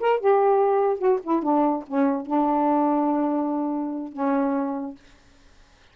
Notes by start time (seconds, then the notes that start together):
0.00 A#4
0.19 G4
0.98 F#4
1.23 E4
1.42 D4
1.87 C#4
2.26 D4
4.12 C#4